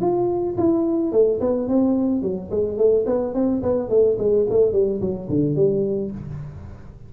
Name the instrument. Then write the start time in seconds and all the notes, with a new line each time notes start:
tuba
0.00 F4
0.57 E4
1.12 A3
1.40 B3
1.68 C4
2.22 F#3
2.50 G#3
2.77 A3
3.06 B3
3.34 C4
3.62 B3
3.89 A3
4.18 G#3
4.49 A3
4.72 G3
5.01 F#3
5.29 D3
5.55 G3